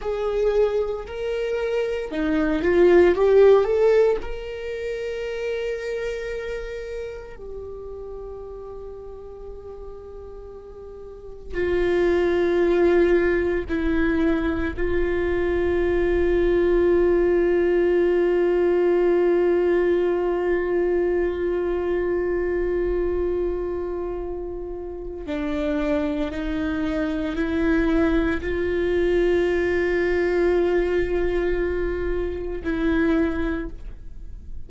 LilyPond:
\new Staff \with { instrumentName = "viola" } { \time 4/4 \tempo 4 = 57 gis'4 ais'4 dis'8 f'8 g'8 a'8 | ais'2. g'4~ | g'2. f'4~ | f'4 e'4 f'2~ |
f'1~ | f'1 | d'4 dis'4 e'4 f'4~ | f'2. e'4 | }